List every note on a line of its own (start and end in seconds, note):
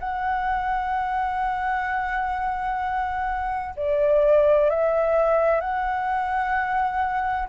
0.00 3.75 F#5
3.77 4.70 D5
4.70 5.61 E5
5.61 7.49 F#5